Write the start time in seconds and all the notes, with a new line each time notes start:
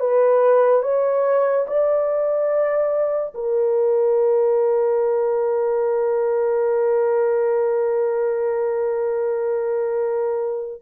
0.00 B4
0.83 C#5
1.67 D5
3.34 A#4